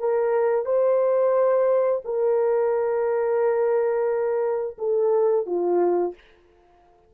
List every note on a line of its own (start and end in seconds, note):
0.00 0.66 A#4
0.66 2.02 C5
2.05 4.78 A#4
4.79 5.46 A4
5.46 6.15 F4